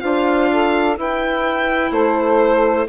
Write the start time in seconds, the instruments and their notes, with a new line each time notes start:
0.00 bassoon D4, clarinet F4, saxophone C5, violin F5
0.50 saxophone A4
0.96 clarinet E4, bassoon E4, saxophone B4, violin G5
1.90 bassoon A3, saxophone A4, violin C5